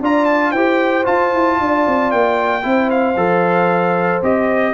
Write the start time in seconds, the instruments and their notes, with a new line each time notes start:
0.00 tuba D4, trombone F4, horn D5, trumpet A#5
0.25 trumpet A5
0.51 tuba E4, trombone G4, horn C5, trumpet G5
1.03 trombone F4, tuba F4, trumpet A5
1.32 tuba E4
1.59 tuba D4, horn D5
1.87 tuba C4
2.11 tuba A#3, trumpet G5
2.62 tuba C4, trombone E4, horn C5
2.90 trumpet F5
3.16 tuba F3, trombone A4
4.22 tuba C4, trombone G4, trumpet D#5